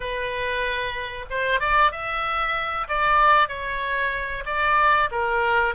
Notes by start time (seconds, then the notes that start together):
0.00 B4
1.30 C5
1.60 D5
1.91 E5
2.88 D5
3.48 C#5
4.45 D5
5.11 A#4